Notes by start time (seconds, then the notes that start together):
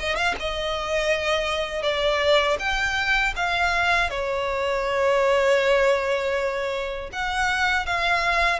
0.00 D#5
0.16 F5
0.40 D#5
1.82 D5
2.59 G5
3.36 F5
4.10 C#5
7.12 F#5
7.86 F5